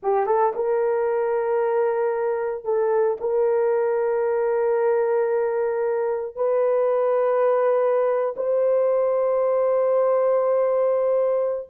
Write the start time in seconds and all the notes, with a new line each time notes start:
0.02 G4
0.26 A4
0.55 A#4
2.64 A4
3.20 A#4
6.35 B4
8.36 C5